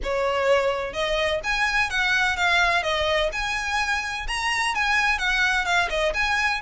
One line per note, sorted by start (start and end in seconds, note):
0.03 0.93 C#5
0.93 1.40 D#5
1.43 1.89 G#5
1.89 2.36 F#5
2.36 2.82 F5
2.82 3.30 D#5
3.32 4.26 G#5
4.27 4.74 A#5
4.74 5.18 G#5
5.18 5.65 F#5
5.65 5.89 F5
5.89 6.13 D#5
6.14 6.61 G#5